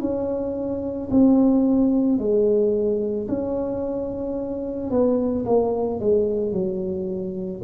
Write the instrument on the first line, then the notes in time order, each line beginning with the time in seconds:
tuba
0.00 C#4
1.11 C4
2.18 G#3
3.28 C#4
4.90 B3
5.45 A#3
6.00 G#3
6.52 F#3